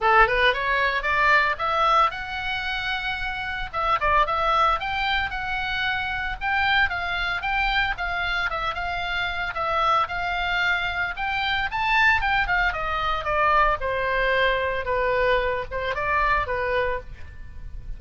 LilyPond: \new Staff \with { instrumentName = "oboe" } { \time 4/4 \tempo 4 = 113 a'8 b'8 cis''4 d''4 e''4 | fis''2. e''8 d''8 | e''4 g''4 fis''2 | g''4 f''4 g''4 f''4 |
e''8 f''4. e''4 f''4~ | f''4 g''4 a''4 g''8 f''8 | dis''4 d''4 c''2 | b'4. c''8 d''4 b'4 | }